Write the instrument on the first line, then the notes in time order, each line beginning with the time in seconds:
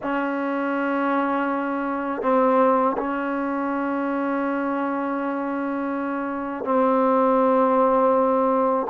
trombone
0.02 C#4
2.22 C4
2.97 C#4
6.64 C4